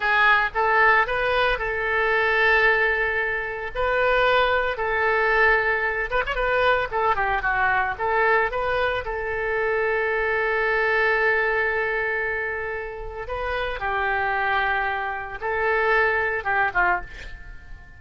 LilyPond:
\new Staff \with { instrumentName = "oboe" } { \time 4/4 \tempo 4 = 113 gis'4 a'4 b'4 a'4~ | a'2. b'4~ | b'4 a'2~ a'8 b'16 cis''16 | b'4 a'8 g'8 fis'4 a'4 |
b'4 a'2.~ | a'1~ | a'4 b'4 g'2~ | g'4 a'2 g'8 f'8 | }